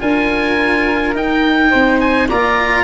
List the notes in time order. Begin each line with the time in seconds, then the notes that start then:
0.00 D4 F4 A#4 G#5
1.14 D#4 G5
1.70 C4 C5
1.99 G#5
2.29 A#3 F4 D5 A#5